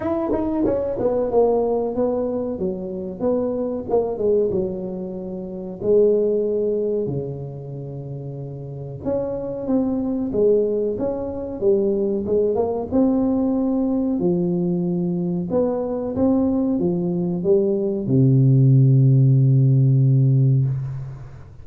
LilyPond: \new Staff \with { instrumentName = "tuba" } { \time 4/4 \tempo 4 = 93 e'8 dis'8 cis'8 b8 ais4 b4 | fis4 b4 ais8 gis8 fis4~ | fis4 gis2 cis4~ | cis2 cis'4 c'4 |
gis4 cis'4 g4 gis8 ais8 | c'2 f2 | b4 c'4 f4 g4 | c1 | }